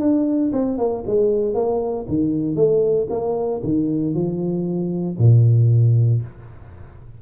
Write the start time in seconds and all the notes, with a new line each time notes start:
0.00 D4
0.53 C4
0.78 A#3
1.07 G#3
1.55 A#3
2.09 D#3
2.56 A3
3.10 A#3
3.64 D#3
4.14 F3
5.19 A#2